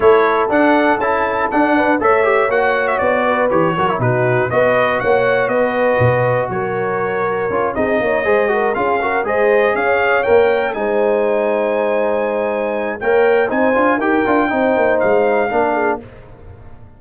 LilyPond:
<<
  \new Staff \with { instrumentName = "trumpet" } { \time 4/4 \tempo 4 = 120 cis''4 fis''4 a''4 fis''4 | e''4 fis''8. e''16 d''4 cis''4 | b'4 dis''4 fis''4 dis''4~ | dis''4 cis''2~ cis''8 dis''8~ |
dis''4. f''4 dis''4 f''8~ | f''8 g''4 gis''2~ gis''8~ | gis''2 g''4 gis''4 | g''2 f''2 | }
  \new Staff \with { instrumentName = "horn" } { \time 4/4 a'2.~ a'8 b'8 | cis''2~ cis''8 b'4 ais'8 | fis'4 b'4 cis''4 b'4~ | b'4 ais'2~ ais'8 gis'8 |
cis''8 c''8 ais'8 gis'8 ais'8 c''4 cis''8~ | cis''4. c''2~ c''8~ | c''2 cis''4 c''4 | ais'4 c''2 ais'8 gis'8 | }
  \new Staff \with { instrumentName = "trombone" } { \time 4/4 e'4 d'4 e'4 d'4 | a'8 g'8 fis'2 g'8 fis'16 e'16 | dis'4 fis'2.~ | fis'2. f'8 dis'8~ |
dis'8 gis'8 fis'8 f'8 fis'8 gis'4.~ | gis'8 ais'4 dis'2~ dis'8~ | dis'2 ais'4 dis'8 f'8 | g'8 f'8 dis'2 d'4 | }
  \new Staff \with { instrumentName = "tuba" } { \time 4/4 a4 d'4 cis'4 d'4 | a4 ais4 b4 e8 fis8 | b,4 b4 ais4 b4 | b,4 fis2 cis'8 c'8 |
ais8 gis4 cis'4 gis4 cis'8~ | cis'8 ais4 gis2~ gis8~ | gis2 ais4 c'8 d'8 | dis'8 d'8 c'8 ais8 gis4 ais4 | }
>>